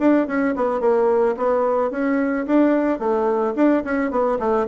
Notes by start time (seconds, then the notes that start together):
0.00 D4
0.28 C#4
0.56 B3
0.81 A#3
1.37 B3
1.91 C#4
2.47 D4
2.99 A3
3.56 D4
3.85 C#4
4.11 B3
4.39 A3